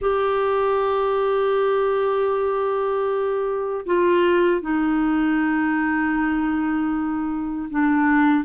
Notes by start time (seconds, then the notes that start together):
0.01 G4
3.86 F4
4.61 D#4
7.70 D4